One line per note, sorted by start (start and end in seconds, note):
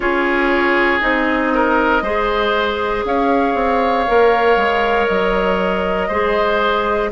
0.00 1.01 C#4
0.00 1.00 F4
0.00 1.53 G#4
0.00 1.00 C#5
1.00 2.01 C4
1.00 2.02 D#4
1.00 3.04 D#5
1.54 2.03 A#4
2.01 3.03 G#3
2.01 4.07 G#4
2.01 3.04 C5
3.04 3.54 C#4
3.04 6.07 C#5
3.04 5.07 F5
3.54 4.05 C4
4.07 4.56 A#3
4.07 6.10 A#4
4.56 5.07 G#3
5.07 6.09 F#3
5.07 7.10 D#5
6.07 7.11 G#3
6.07 7.11 G#4
6.07 7.09 C5